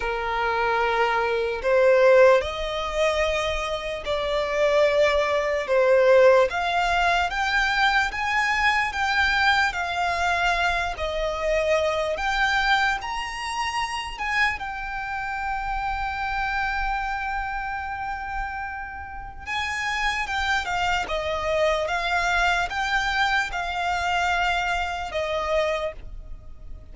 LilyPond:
\new Staff \with { instrumentName = "violin" } { \time 4/4 \tempo 4 = 74 ais'2 c''4 dis''4~ | dis''4 d''2 c''4 | f''4 g''4 gis''4 g''4 | f''4. dis''4. g''4 |
ais''4. gis''8 g''2~ | g''1 | gis''4 g''8 f''8 dis''4 f''4 | g''4 f''2 dis''4 | }